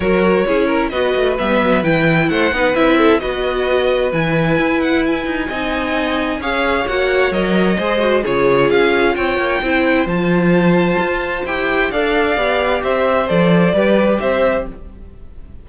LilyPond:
<<
  \new Staff \with { instrumentName = "violin" } { \time 4/4 \tempo 4 = 131 cis''2 dis''4 e''4 | g''4 fis''4 e''4 dis''4~ | dis''4 gis''4. fis''8 gis''4~ | gis''2 f''4 fis''4 |
dis''2 cis''4 f''4 | g''2 a''2~ | a''4 g''4 f''2 | e''4 d''2 e''4 | }
  \new Staff \with { instrumentName = "violin" } { \time 4/4 ais'4 gis'8 ais'8 b'2~ | b'4 c''8 b'4 a'8 b'4~ | b'1 | dis''2 cis''2~ |
cis''4 c''4 gis'2 | cis''4 c''2.~ | c''2 d''2 | c''2 b'4 c''4 | }
  \new Staff \with { instrumentName = "viola" } { \time 4/4 fis'4 e'4 fis'4 b4 | e'4. dis'8 e'4 fis'4~ | fis'4 e'2. | dis'2 gis'4 fis'4 |
ais'4 gis'8 fis'8 f'2~ | f'4 e'4 f'2~ | f'4 g'4 a'4 g'4~ | g'4 a'4 g'2 | }
  \new Staff \with { instrumentName = "cello" } { \time 4/4 fis4 cis'4 b8 a8 g8 fis8 | e4 a8 b8 c'4 b4~ | b4 e4 e'4. dis'8 | c'2 cis'4 ais4 |
fis4 gis4 cis4 cis'4 | c'8 ais8 c'4 f2 | f'4 e'4 d'4 b4 | c'4 f4 g4 c'4 | }
>>